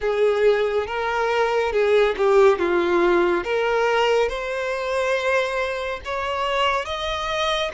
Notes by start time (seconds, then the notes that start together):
0.00 G#4
0.86 A#4
1.72 G#4
2.17 G4
2.58 F4
3.44 A#4
4.29 C5
6.04 C#5
6.85 D#5